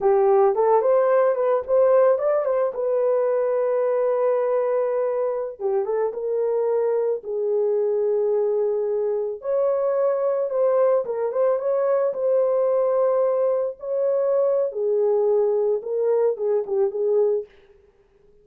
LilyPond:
\new Staff \with { instrumentName = "horn" } { \time 4/4 \tempo 4 = 110 g'4 a'8 c''4 b'8 c''4 | d''8 c''8 b'2.~ | b'2~ b'16 g'8 a'8 ais'8.~ | ais'4~ ais'16 gis'2~ gis'8.~ |
gis'4~ gis'16 cis''2 c''8.~ | c''16 ais'8 c''8 cis''4 c''4.~ c''16~ | c''4~ c''16 cis''4.~ cis''16 gis'4~ | gis'4 ais'4 gis'8 g'8 gis'4 | }